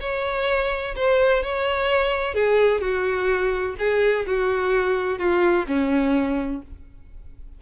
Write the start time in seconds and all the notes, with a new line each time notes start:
0.00 C#5
0.95 C5
1.42 C#5
2.34 G#4
2.81 F#4
3.78 G#4
4.26 F#4
5.18 F4
5.67 C#4